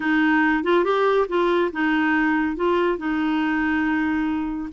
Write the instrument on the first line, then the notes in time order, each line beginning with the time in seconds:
clarinet
0.00 D#4
0.63 F4
0.84 G4
1.28 F4
1.72 D#4
2.55 F4
2.98 D#4